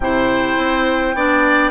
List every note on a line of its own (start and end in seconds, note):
0.00 0.56 C3
0.00 1.16 E4
0.00 1.15 C5
0.00 1.71 G5
0.57 1.14 C4
1.14 1.71 B3
1.14 1.71 D4
1.14 1.71 D5